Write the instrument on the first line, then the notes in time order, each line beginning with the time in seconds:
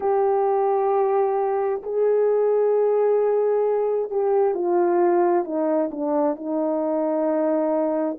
horn
0.00 G4
1.83 G#4
4.10 G4
4.54 F4
5.44 D#4
5.91 D4
6.36 D#4